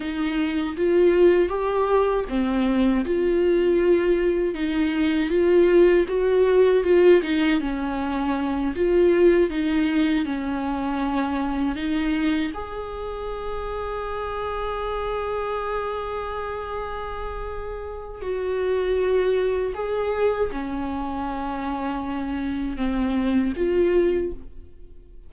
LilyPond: \new Staff \with { instrumentName = "viola" } { \time 4/4 \tempo 4 = 79 dis'4 f'4 g'4 c'4 | f'2 dis'4 f'4 | fis'4 f'8 dis'8 cis'4. f'8~ | f'8 dis'4 cis'2 dis'8~ |
dis'8 gis'2.~ gis'8~ | gis'1 | fis'2 gis'4 cis'4~ | cis'2 c'4 f'4 | }